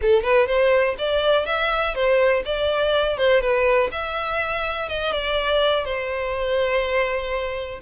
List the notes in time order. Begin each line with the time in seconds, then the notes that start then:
0.01 A4
0.23 B4
0.47 C5
0.98 D5
1.46 E5
1.94 C5
2.45 D5
3.17 C5
3.41 B4
3.91 E5
4.88 D#5
5.12 D5
5.84 C5